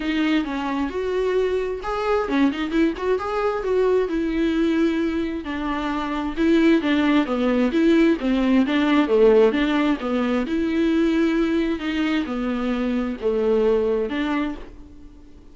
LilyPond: \new Staff \with { instrumentName = "viola" } { \time 4/4 \tempo 4 = 132 dis'4 cis'4 fis'2 | gis'4 cis'8 dis'8 e'8 fis'8 gis'4 | fis'4 e'2. | d'2 e'4 d'4 |
b4 e'4 c'4 d'4 | a4 d'4 b4 e'4~ | e'2 dis'4 b4~ | b4 a2 d'4 | }